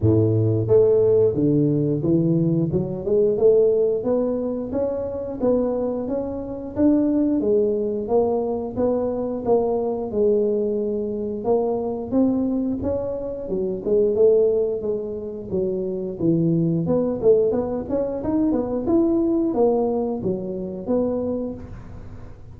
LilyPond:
\new Staff \with { instrumentName = "tuba" } { \time 4/4 \tempo 4 = 89 a,4 a4 d4 e4 | fis8 gis8 a4 b4 cis'4 | b4 cis'4 d'4 gis4 | ais4 b4 ais4 gis4~ |
gis4 ais4 c'4 cis'4 | fis8 gis8 a4 gis4 fis4 | e4 b8 a8 b8 cis'8 dis'8 b8 | e'4 ais4 fis4 b4 | }